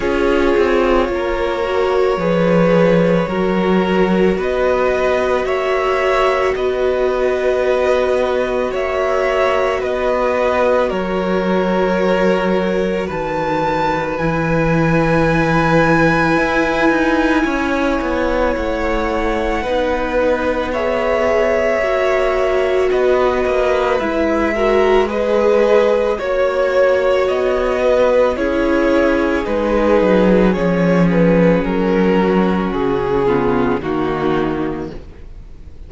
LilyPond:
<<
  \new Staff \with { instrumentName = "violin" } { \time 4/4 \tempo 4 = 55 cis''1 | dis''4 e''4 dis''2 | e''4 dis''4 cis''2 | a''4 gis''2.~ |
gis''4 fis''2 e''4~ | e''4 dis''4 e''4 dis''4 | cis''4 dis''4 cis''4 b'4 | cis''8 b'8 ais'4 gis'4 fis'4 | }
  \new Staff \with { instrumentName = "violin" } { \time 4/4 gis'4 ais'4 b'4 ais'4 | b'4 cis''4 b'2 | cis''4 b'4 ais'2 | b'1 |
cis''2 b'4 cis''4~ | cis''4 b'4. ais'8 b'4 | cis''4. b'8 gis'2~ | gis'4. fis'4 f'8 dis'4 | }
  \new Staff \with { instrumentName = "viola" } { \time 4/4 f'4. fis'8 gis'4 fis'4~ | fis'1~ | fis'1~ | fis'4 e'2.~ |
e'2 dis'4 gis'4 | fis'2 e'8 fis'8 gis'4 | fis'2 e'4 dis'4 | cis'2~ cis'8 b8 ais4 | }
  \new Staff \with { instrumentName = "cello" } { \time 4/4 cis'8 c'8 ais4 f4 fis4 | b4 ais4 b2 | ais4 b4 fis2 | dis4 e2 e'8 dis'8 |
cis'8 b8 a4 b2 | ais4 b8 ais8 gis2 | ais4 b4 cis'4 gis8 fis8 | f4 fis4 cis4 dis4 | }
>>